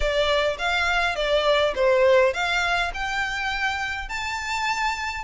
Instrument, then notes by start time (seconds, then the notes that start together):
violin
0.00 D5
0.58 F5
1.15 D5
1.75 C5
2.33 F5
2.94 G5
4.08 A5